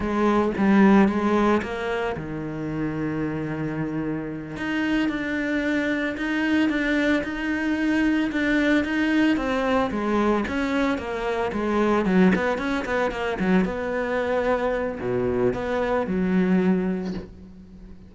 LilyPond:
\new Staff \with { instrumentName = "cello" } { \time 4/4 \tempo 4 = 112 gis4 g4 gis4 ais4 | dis1~ | dis8 dis'4 d'2 dis'8~ | dis'8 d'4 dis'2 d'8~ |
d'8 dis'4 c'4 gis4 cis'8~ | cis'8 ais4 gis4 fis8 b8 cis'8 | b8 ais8 fis8 b2~ b8 | b,4 b4 fis2 | }